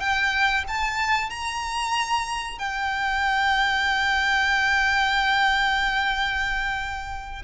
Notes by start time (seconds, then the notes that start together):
0.00 G5
0.68 A5
1.30 A#5
2.59 G5